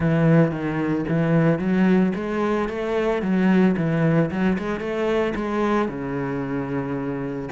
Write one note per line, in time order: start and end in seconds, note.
0.00 0.51 E3
0.51 1.04 D#3
1.08 1.59 E3
1.59 2.12 F#3
2.15 2.68 G#3
2.68 3.22 A3
3.22 3.75 F#3
3.76 4.30 E3
4.30 4.57 F#3
4.58 4.80 G#3
4.80 5.33 A3
5.35 5.88 G#3
5.88 7.49 C#3